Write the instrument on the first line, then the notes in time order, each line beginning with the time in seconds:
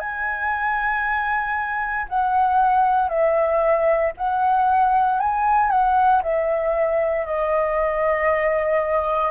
flute
0.00 G#5
2.09 F#5
3.09 E5
4.18 F#5
5.20 G#5
5.71 F#5
6.23 E5
7.26 D#5